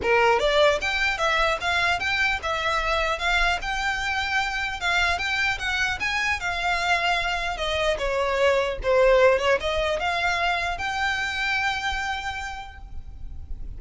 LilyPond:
\new Staff \with { instrumentName = "violin" } { \time 4/4 \tempo 4 = 150 ais'4 d''4 g''4 e''4 | f''4 g''4 e''2 | f''4 g''2. | f''4 g''4 fis''4 gis''4 |
f''2. dis''4 | cis''2 c''4. cis''8 | dis''4 f''2 g''4~ | g''1 | }